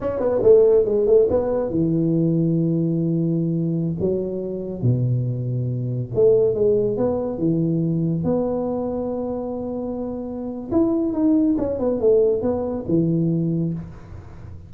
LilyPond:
\new Staff \with { instrumentName = "tuba" } { \time 4/4 \tempo 4 = 140 cis'8 b8 a4 gis8 a8 b4 | e1~ | e4~ e16 fis2 b,8.~ | b,2~ b,16 a4 gis8.~ |
gis16 b4 e2 b8.~ | b1~ | b4 e'4 dis'4 cis'8 b8 | a4 b4 e2 | }